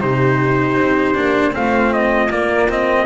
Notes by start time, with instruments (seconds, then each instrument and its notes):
0.00 double bass C3, cello D#4, horn G4, trumpet C5
0.77 double bass C4
1.15 double bass A#3, cello D4
1.52 double bass A3, cello C4, horn F4, trumpet F5
1.93 trumpet D#5
2.30 cello A#3, double bass A#3, trumpet D5
2.69 cello C4, trumpet D#5